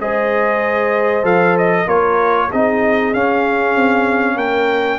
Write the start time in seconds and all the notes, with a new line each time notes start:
0.00 G#3 G#4 C5 D#5
1.23 F3 A4 F5
1.58 D#5
1.86 A#3 F4 A#4 C#5
2.49 C4 D#4 G#4 D#5
3.14 C#4 F5
3.76 C4
4.35 A#3 A#4 G5